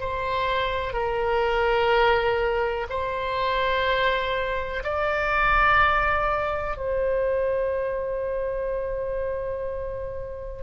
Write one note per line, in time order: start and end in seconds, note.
0.00 0.93 C5
0.93 2.87 A#4
2.90 4.83 C5
4.84 6.77 D5
6.77 10.63 C5